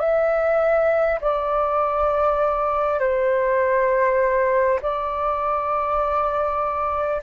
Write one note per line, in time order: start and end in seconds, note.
0.00 1.20 E5
1.21 3.00 D5
3.00 4.80 C5
4.83 7.23 D5